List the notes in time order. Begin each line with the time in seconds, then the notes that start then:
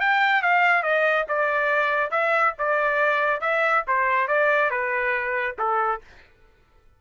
0.00 G5
0.42 F5
0.83 D#5
1.28 D5
2.11 E5
2.58 D5
3.41 E5
3.87 C5
4.27 D5
4.70 B4
5.58 A4